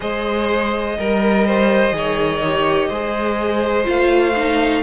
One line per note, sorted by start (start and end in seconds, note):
0.00 0.98 G#3
0.00 0.97 G#4
0.00 0.98 C5
0.00 3.87 D#5
0.98 1.92 G3
0.98 1.47 A#4
0.98 1.91 A#4
1.47 1.95 C5
1.91 2.88 D#3
1.91 2.40 G#4
1.91 2.89 C#5
2.44 2.92 G4
2.89 3.86 G#3
2.89 3.84 G#4
2.89 4.82 C5
3.84 4.82 A3
3.84 4.32 F4
3.84 4.82 F5
4.36 4.82 D#4